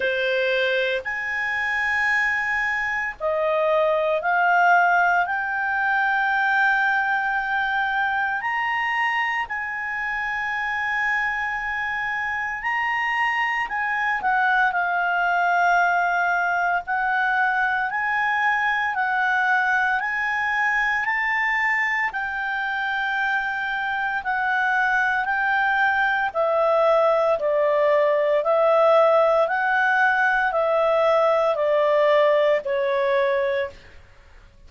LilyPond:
\new Staff \with { instrumentName = "clarinet" } { \time 4/4 \tempo 4 = 57 c''4 gis''2 dis''4 | f''4 g''2. | ais''4 gis''2. | ais''4 gis''8 fis''8 f''2 |
fis''4 gis''4 fis''4 gis''4 | a''4 g''2 fis''4 | g''4 e''4 d''4 e''4 | fis''4 e''4 d''4 cis''4 | }